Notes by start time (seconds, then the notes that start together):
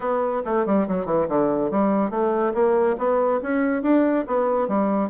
0.00 B3
0.45 A3
0.65 G3
0.88 F#3
1.05 E3
1.28 D3
1.70 G3
2.10 A3
2.54 A#3
2.98 B3
3.42 C#4
3.82 D4
4.27 B3
4.68 G3